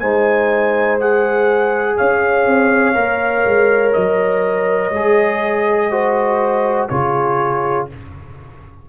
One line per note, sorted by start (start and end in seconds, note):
0.00 1.99 G#3
0.00 1.00 D#4
0.00 1.97 C5
0.00 0.98 G#5
1.00 2.95 G#4
1.00 1.98 F#5
1.97 2.46 C#4
1.97 5.91 C#5
1.97 3.93 F5
2.46 2.95 C4
2.95 3.45 A#3
2.95 4.91 A#4
3.45 3.95 G#3
3.93 4.91 F#3
3.93 6.88 D#5
4.91 6.87 G#3
4.91 5.91 G#4
5.91 6.90 F#4
5.91 6.89 C5
6.89 7.89 C#3
6.89 7.90 F4
6.89 7.89 G#4
6.89 7.87 C#5